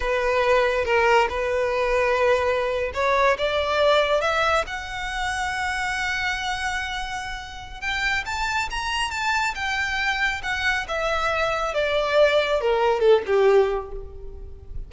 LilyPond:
\new Staff \with { instrumentName = "violin" } { \time 4/4 \tempo 4 = 138 b'2 ais'4 b'4~ | b'2~ b'8. cis''4 d''16~ | d''4.~ d''16 e''4 fis''4~ fis''16~ | fis''1~ |
fis''2 g''4 a''4 | ais''4 a''4 g''2 | fis''4 e''2 d''4~ | d''4 ais'4 a'8 g'4. | }